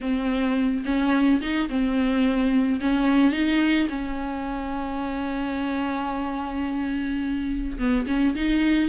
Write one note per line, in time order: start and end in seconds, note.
0.00 0.84 C4
0.85 1.40 C#4
1.41 1.68 D#4
1.69 2.80 C4
2.80 3.32 C#4
3.32 3.88 D#4
3.89 7.78 C#4
7.78 8.06 B3
8.07 8.35 C#4
8.35 8.89 D#4